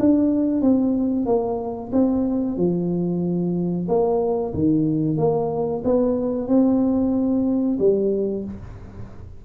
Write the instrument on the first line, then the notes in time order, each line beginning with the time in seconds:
tuba
0.00 D4
0.62 C4
1.26 A#3
1.93 C4
2.58 F3
3.89 A#3
4.54 D#3
5.18 A#3
5.85 B3
6.48 C4
7.80 G3